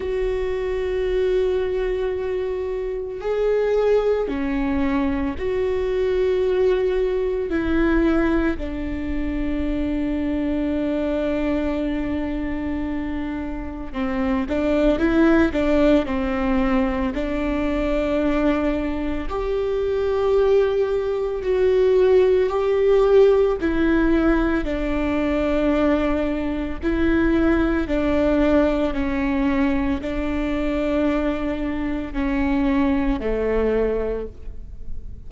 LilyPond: \new Staff \with { instrumentName = "viola" } { \time 4/4 \tempo 4 = 56 fis'2. gis'4 | cis'4 fis'2 e'4 | d'1~ | d'4 c'8 d'8 e'8 d'8 c'4 |
d'2 g'2 | fis'4 g'4 e'4 d'4~ | d'4 e'4 d'4 cis'4 | d'2 cis'4 a4 | }